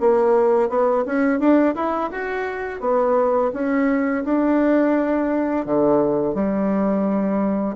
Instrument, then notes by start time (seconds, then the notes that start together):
bassoon
0.00 A#3
0.69 B3
1.06 C#4
1.40 D4
1.76 E4
2.11 F#4
2.81 B3
3.54 C#4
4.24 D4
5.66 D3
6.35 G3